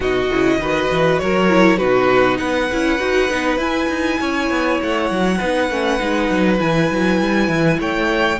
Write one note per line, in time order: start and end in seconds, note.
0.00 0.29 B2
0.00 0.28 D#4
0.00 0.58 F#4
0.00 1.18 D#5
0.30 0.58 C#3
0.30 0.60 E4
0.58 0.88 D#3
0.58 1.48 F#4
0.58 1.21 B4
0.91 1.21 E3
1.18 1.80 F#3
1.18 1.77 A#4
1.18 1.77 C#5
1.48 1.78 E4
1.77 2.39 B2
1.77 2.70 D#4
1.77 2.37 F#4
1.77 2.37 B4
2.38 2.69 B3
2.38 4.20 B4
2.38 3.58 F#5
2.71 2.99 C#4
2.71 2.98 E4
2.98 3.29 D#4
2.98 3.28 F#4
3.29 3.57 B3
3.29 3.58 D#4
3.57 3.87 E4
3.57 5.38 E4
3.57 4.80 G#5
3.89 4.19 D#4
4.20 4.50 C#4
4.20 5.37 C#5
4.50 4.80 B3
4.81 5.10 A3
4.81 6.59 F#5
5.10 5.40 F#3
5.37 5.70 B3
5.37 5.69 D#4
5.37 7.77 B4
5.70 6.00 A3
5.70 5.99 C#4
5.99 6.30 G#3
5.99 6.57 D#4
6.30 6.60 F#3
6.57 6.90 E3
6.57 8.37 E4
6.57 7.79 G#5
6.91 7.20 F#3
7.20 7.48 G3
7.48 7.78 E3
7.79 8.39 A3
7.79 8.39 C#5
7.79 8.40 G5